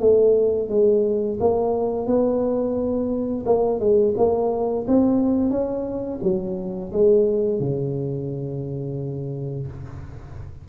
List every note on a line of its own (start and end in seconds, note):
0.00 0.69 A3
0.69 1.38 G#3
1.40 2.07 A#3
2.07 3.45 B3
3.46 3.80 A#3
3.80 4.14 G#3
4.17 4.86 A#3
4.88 5.50 C4
5.50 6.19 C#4
6.23 6.92 F#3
6.92 7.60 G#3
7.60 9.67 C#3